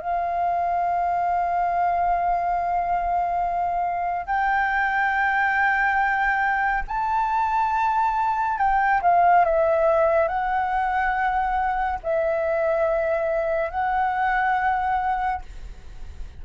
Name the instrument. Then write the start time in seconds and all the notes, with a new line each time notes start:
flute
0.00 F5
4.27 G5
6.88 A5
8.58 G5
9.02 F5
9.45 E5
10.28 F#5
12.04 E5
13.71 F#5